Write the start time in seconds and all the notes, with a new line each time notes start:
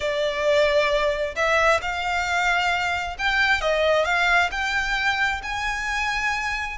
0.00 D5
1.35 E5
1.81 F5
3.18 G5
3.61 D#5
4.04 F5
4.51 G5
5.43 G#5